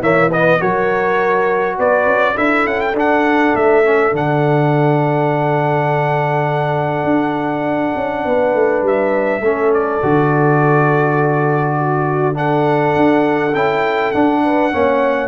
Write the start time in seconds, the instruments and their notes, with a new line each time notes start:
0.00 tuba E3, trombone A#3, horn C#5, trumpet E5
0.29 trombone B3, horn B4, trumpet D#5
0.60 tuba F#3, trombone F#4, horn A#4, trumpet C#5
1.78 tuba B3, horn B4, trumpet D5
2.06 tuba C#4
2.35 tuba D4, trombone E4, horn A4, trumpet E5
2.67 tuba C#4, trumpet F#5
2.81 trumpet G5
2.94 tuba D4, trombone D4, trumpet F#5
3.55 tuba A3, trumpet E5
3.85 trombone C#4
4.12 tuba D3, trombone D4, trumpet F#5
7.05 tuba D4
7.96 tuba C#4
8.25 tuba B3, horn B4
8.55 tuba A3
8.83 tuba G3, trumpet E5
9.41 tuba A3, trombone C#4, horn A4
9.74 trumpet D5
10.02 tuba D3, trombone F#4
11.79 horn F#4
12.34 trombone D4, horn A4, trumpet F#5
12.97 tuba D4
13.54 tuba C#4, trombone E4, trumpet G5
14.12 trombone D4, tuba D4, trumpet F#5
14.45 horn B4
14.72 tuba A#3, trombone C#4, horn C#5